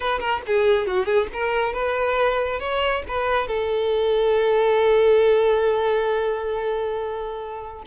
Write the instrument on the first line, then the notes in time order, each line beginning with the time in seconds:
violin
0.00 B4
0.19 A#4
0.46 G#4
0.86 F#4
1.05 G#4
1.33 A#4
1.73 B4
2.59 C#5
3.08 B4
3.47 A4